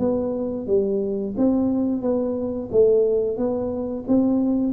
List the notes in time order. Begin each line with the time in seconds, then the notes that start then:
0.00 B3
0.67 G3
1.38 C4
2.02 B3
2.72 A3
3.38 B3
4.08 C4